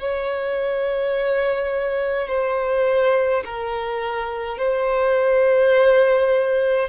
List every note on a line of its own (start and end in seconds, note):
0.00 2.28 C#5
2.28 3.44 C5
3.45 4.58 A#4
4.58 6.89 C5